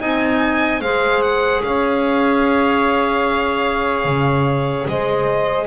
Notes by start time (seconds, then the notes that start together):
0.00 C4 D#4 D#5 G#5
0.81 G#3 G#4 C5 F5
1.22 F#5
1.63 C#4 C#5 F5
4.05 C#3
4.87 G#3 C5 D#5